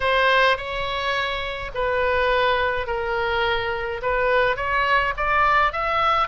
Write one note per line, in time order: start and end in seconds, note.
0.00 0.57 C5
0.57 1.71 C#5
1.74 2.86 B4
2.86 4.01 A#4
4.02 4.56 B4
4.56 5.13 C#5
5.16 5.72 D5
5.72 6.28 E5